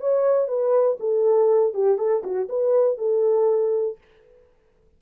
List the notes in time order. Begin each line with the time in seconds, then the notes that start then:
0.00 C#5
0.48 B4
1.00 A4
1.74 G4
1.98 A4
2.23 F#4
2.49 B4
2.98 A4